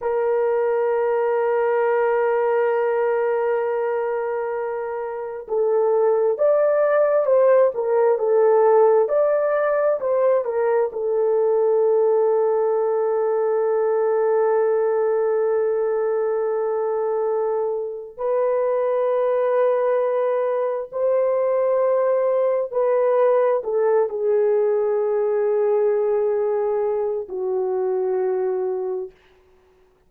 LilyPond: \new Staff \with { instrumentName = "horn" } { \time 4/4 \tempo 4 = 66 ais'1~ | ais'2 a'4 d''4 | c''8 ais'8 a'4 d''4 c''8 ais'8 | a'1~ |
a'1 | b'2. c''4~ | c''4 b'4 a'8 gis'4.~ | gis'2 fis'2 | }